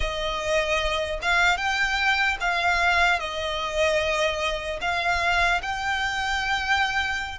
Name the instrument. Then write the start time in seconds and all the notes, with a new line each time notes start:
violin
0.00 D#5
1.21 F5
1.57 G5
2.40 F5
3.19 D#5
4.81 F5
5.61 G5